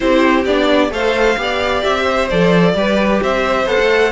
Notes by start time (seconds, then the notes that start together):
0.00 C4 E4 G4 C5
0.45 B3 D4 D5
0.90 A3 A4 C5 F5
1.36 B3 G4 D5
1.83 C4 E5
2.03 C5
2.29 F3 A4 D5
2.74 G3 G4 B4
3.22 C4 C5 E5
3.66 B3 A4 F#5
3.79 A3